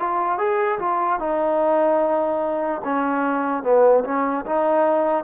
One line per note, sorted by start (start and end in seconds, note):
0.00 0.39 F4
0.39 0.79 G#4
0.80 1.20 F4
1.20 2.82 D#4
2.85 3.64 C#4
3.64 4.04 B3
4.05 4.46 C#4
4.46 5.24 D#4